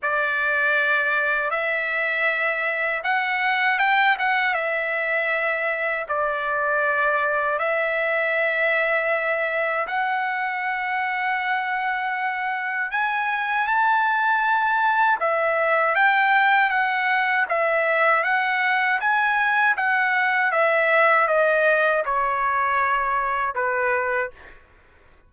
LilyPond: \new Staff \with { instrumentName = "trumpet" } { \time 4/4 \tempo 4 = 79 d''2 e''2 | fis''4 g''8 fis''8 e''2 | d''2 e''2~ | e''4 fis''2.~ |
fis''4 gis''4 a''2 | e''4 g''4 fis''4 e''4 | fis''4 gis''4 fis''4 e''4 | dis''4 cis''2 b'4 | }